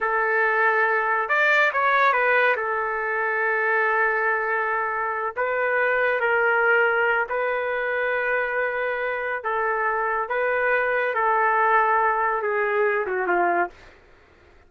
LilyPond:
\new Staff \with { instrumentName = "trumpet" } { \time 4/4 \tempo 4 = 140 a'2. d''4 | cis''4 b'4 a'2~ | a'1~ | a'8 b'2 ais'4.~ |
ais'4 b'2.~ | b'2 a'2 | b'2 a'2~ | a'4 gis'4. fis'8 f'4 | }